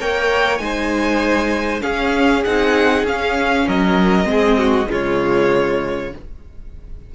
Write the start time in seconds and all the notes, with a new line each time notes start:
0.00 A#3 A#4 C#5 G5
0.58 G#3 D#4 G#5
0.64 C5
1.81 C#4 G#4 F5
2.44 C4 D#4 F#5
3.04 C#4 F5
3.10 C#4
3.67 F#3 A#4 D#5
4.25 G#3 C4
4.32 G#4
4.58 F#4
4.88 C#3 G#3 F4 C#5